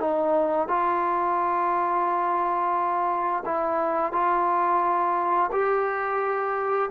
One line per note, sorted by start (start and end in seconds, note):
0.00 0.68 D#4
0.68 3.44 F4
3.45 4.12 E4
4.12 5.50 F4
5.52 6.90 G4